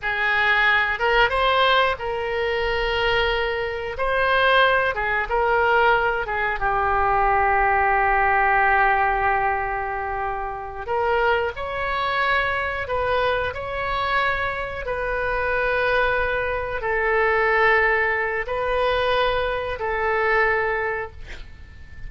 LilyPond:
\new Staff \with { instrumentName = "oboe" } { \time 4/4 \tempo 4 = 91 gis'4. ais'8 c''4 ais'4~ | ais'2 c''4. gis'8 | ais'4. gis'8 g'2~ | g'1~ |
g'8 ais'4 cis''2 b'8~ | b'8 cis''2 b'4.~ | b'4. a'2~ a'8 | b'2 a'2 | }